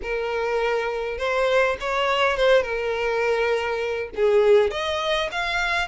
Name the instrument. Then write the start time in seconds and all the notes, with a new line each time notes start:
violin
0.02 A#4
1.18 C5
1.80 C#5
2.36 C5
2.62 A#4
4.15 G#4
4.71 D#5
5.31 F5